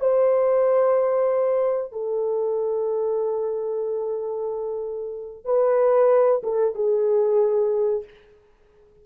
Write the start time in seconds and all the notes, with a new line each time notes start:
0.00 C5
1.92 A4
5.45 B4
6.43 A4
6.75 G#4